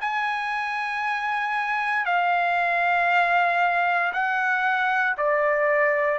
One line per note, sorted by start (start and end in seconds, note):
0.00 2.05 G#5
2.05 4.12 F5
4.12 5.16 F#5
5.17 6.18 D5